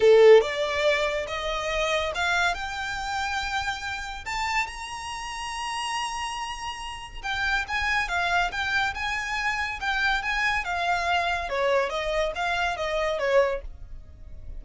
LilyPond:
\new Staff \with { instrumentName = "violin" } { \time 4/4 \tempo 4 = 141 a'4 d''2 dis''4~ | dis''4 f''4 g''2~ | g''2 a''4 ais''4~ | ais''1~ |
ais''4 g''4 gis''4 f''4 | g''4 gis''2 g''4 | gis''4 f''2 cis''4 | dis''4 f''4 dis''4 cis''4 | }